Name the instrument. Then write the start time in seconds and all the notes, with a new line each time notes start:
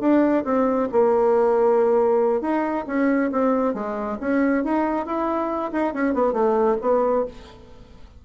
bassoon
0.00 D4
0.45 C4
0.92 A#3
2.41 D#4
2.87 C#4
3.32 C4
3.74 G#3
4.20 C#4
4.64 D#4
5.06 E4
5.72 D#4
5.94 C#4
6.14 B3
6.33 A3
6.81 B3